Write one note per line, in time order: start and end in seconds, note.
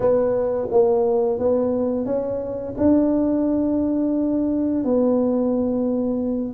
0.00 0.68 B3
0.70 1.39 A#3
1.39 2.05 B3
2.05 2.74 C#4
2.77 4.84 D4
4.84 6.54 B3